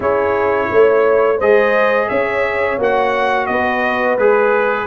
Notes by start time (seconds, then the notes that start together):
0.00 C#4 E4 G#4 C#5
0.71 A3 C#5
1.37 G#3 G#4 C5 D#5
2.08 C#4 C#5 E5
2.77 A#3 F#4 F#5
3.46 B3 B4 D#5
4.17 G#3 G#4 B4